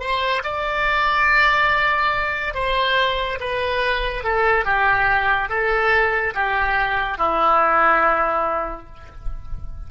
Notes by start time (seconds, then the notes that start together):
0.00 C5
0.44 D5
2.54 C5
3.40 B4
4.24 A4
4.65 G4
5.49 A4
6.35 G4
7.18 E4